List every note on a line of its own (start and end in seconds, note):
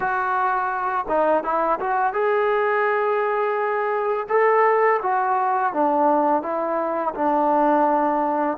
0.00 1.05 F#4
1.08 1.43 D#4
1.43 1.79 E4
1.79 2.13 F#4
2.13 4.27 G#4
4.29 5.00 A4
5.02 5.73 F#4
5.73 6.42 D4
6.42 7.14 E4
7.14 8.57 D4